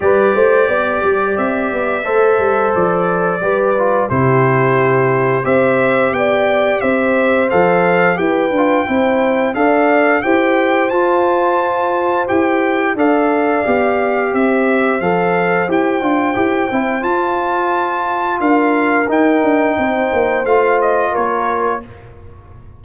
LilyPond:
<<
  \new Staff \with { instrumentName = "trumpet" } { \time 4/4 \tempo 4 = 88 d''2 e''2 | d''2 c''2 | e''4 g''4 e''4 f''4 | g''2 f''4 g''4 |
a''2 g''4 f''4~ | f''4 e''4 f''4 g''4~ | g''4 a''2 f''4 | g''2 f''8 dis''8 cis''4 | }
  \new Staff \with { instrumentName = "horn" } { \time 4/4 b'8 c''8 d''2 c''4~ | c''4 b'4 g'2 | c''4 d''4 c''2 | b'4 c''4 d''4 c''4~ |
c''2. d''4~ | d''4 c''2.~ | c''2. ais'4~ | ais'4 c''2 ais'4 | }
  \new Staff \with { instrumentName = "trombone" } { \time 4/4 g'2. a'4~ | a'4 g'8 f'8 e'2 | g'2. a'4 | g'8 f'8 e'4 a'4 g'4 |
f'2 g'4 a'4 | g'2 a'4 g'8 f'8 | g'8 e'8 f'2. | dis'2 f'2 | }
  \new Staff \with { instrumentName = "tuba" } { \time 4/4 g8 a8 b8 g8 c'8 b8 a8 g8 | f4 g4 c2 | c'4 b4 c'4 f4 | e'8 d'8 c'4 d'4 e'4 |
f'2 e'4 d'4 | b4 c'4 f4 e'8 d'8 | e'8 c'8 f'2 d'4 | dis'8 d'8 c'8 ais8 a4 ais4 | }
>>